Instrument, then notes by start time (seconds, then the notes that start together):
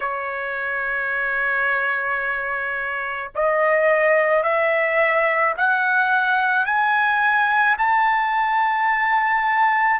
trumpet
0.00 C#5
3.35 D#5
4.43 E5
5.57 F#5
6.65 G#5
7.78 A5